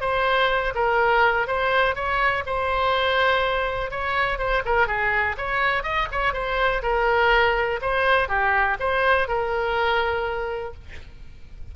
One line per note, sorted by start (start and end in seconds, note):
0.00 0.73 C5
0.75 1.47 A#4
1.47 1.95 C5
1.95 2.44 C#5
2.46 3.91 C5
3.91 4.38 C#5
4.38 4.62 C5
4.65 4.87 A#4
4.87 5.36 G#4
5.37 5.83 C#5
5.83 6.07 D#5
6.12 6.33 C#5
6.33 6.82 C5
6.82 7.80 A#4
7.82 8.28 C5
8.28 8.77 G4
8.80 9.28 C5
9.28 10.74 A#4